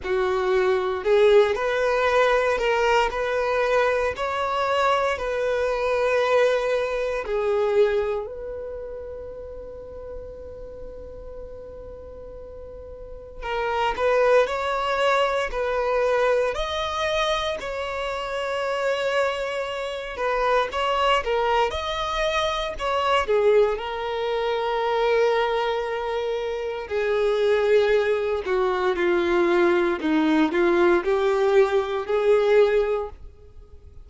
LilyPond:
\new Staff \with { instrumentName = "violin" } { \time 4/4 \tempo 4 = 58 fis'4 gis'8 b'4 ais'8 b'4 | cis''4 b'2 gis'4 | b'1~ | b'4 ais'8 b'8 cis''4 b'4 |
dis''4 cis''2~ cis''8 b'8 | cis''8 ais'8 dis''4 cis''8 gis'8 ais'4~ | ais'2 gis'4. fis'8 | f'4 dis'8 f'8 g'4 gis'4 | }